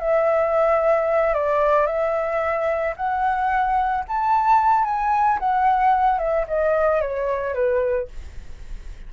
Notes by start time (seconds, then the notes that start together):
0.00 E5
1.35 D5
1.87 E5
2.97 F#5
4.08 A5
4.85 G#5
5.40 F#5
6.19 E5
6.48 D#5
7.01 C#5
7.54 B4